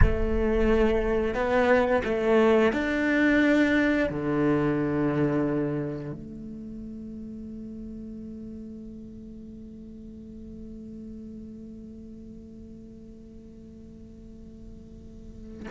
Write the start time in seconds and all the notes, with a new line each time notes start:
0.01 A3
1.34 B3
2.04 A3
2.72 D4
4.09 D3
6.12 A3